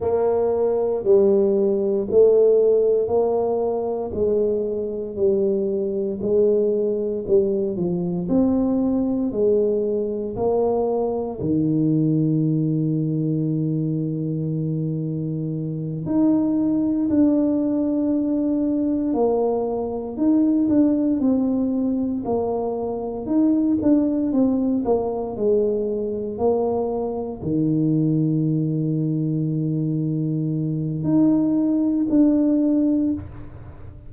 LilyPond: \new Staff \with { instrumentName = "tuba" } { \time 4/4 \tempo 4 = 58 ais4 g4 a4 ais4 | gis4 g4 gis4 g8 f8 | c'4 gis4 ais4 dis4~ | dis2.~ dis8 dis'8~ |
dis'8 d'2 ais4 dis'8 | d'8 c'4 ais4 dis'8 d'8 c'8 | ais8 gis4 ais4 dis4.~ | dis2 dis'4 d'4 | }